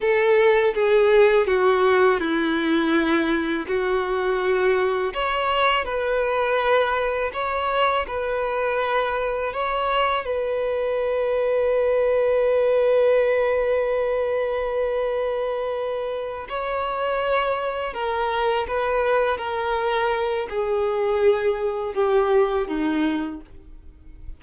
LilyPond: \new Staff \with { instrumentName = "violin" } { \time 4/4 \tempo 4 = 82 a'4 gis'4 fis'4 e'4~ | e'4 fis'2 cis''4 | b'2 cis''4 b'4~ | b'4 cis''4 b'2~ |
b'1~ | b'2~ b'8 cis''4.~ | cis''8 ais'4 b'4 ais'4. | gis'2 g'4 dis'4 | }